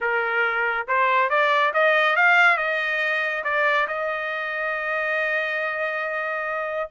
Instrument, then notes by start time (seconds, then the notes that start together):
trumpet
0.00 A#4
0.87 C5
1.29 D5
1.73 D#5
2.16 F5
2.57 D#5
3.44 D5
3.87 D#5